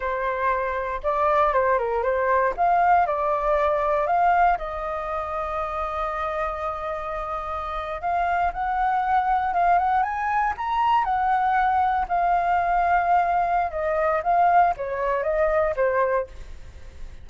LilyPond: \new Staff \with { instrumentName = "flute" } { \time 4/4 \tempo 4 = 118 c''2 d''4 c''8 ais'8 | c''4 f''4 d''2 | f''4 dis''2.~ | dis''2.~ dis''8. f''16~ |
f''8. fis''2 f''8 fis''8 gis''16~ | gis''8. ais''4 fis''2 f''16~ | f''2. dis''4 | f''4 cis''4 dis''4 c''4 | }